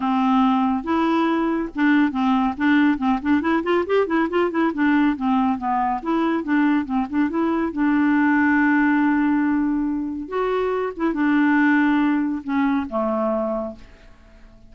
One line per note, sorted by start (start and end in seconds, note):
0.00 0.83 C4
0.83 1.69 E4
1.75 2.11 D4
2.11 2.54 C4
2.57 2.97 D4
2.97 3.19 C4
3.21 3.41 D4
3.41 3.62 E4
3.63 3.84 F4
3.86 4.06 G4
4.06 4.28 E4
4.29 4.51 F4
4.51 4.72 E4
4.73 5.16 D4
5.16 5.57 C4
5.57 6.00 B3
6.02 6.43 E4
6.43 6.85 D4
6.85 7.06 C4
7.09 7.29 D4
7.29 7.72 E4
7.72 10.28 D4
10.28 10.92 F#4
10.96 11.13 E4
11.13 12.42 D4
12.43 12.86 C#4
12.89 13.75 A3